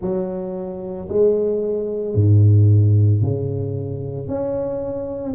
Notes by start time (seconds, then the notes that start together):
0.00 F#3
1.08 G#3
2.14 G#2
3.21 C#3
4.27 C#4